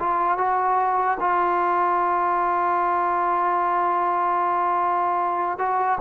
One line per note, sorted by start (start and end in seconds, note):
0.00 0.38 F4
0.38 1.18 F#4
1.20 5.59 F4
5.59 5.99 F#4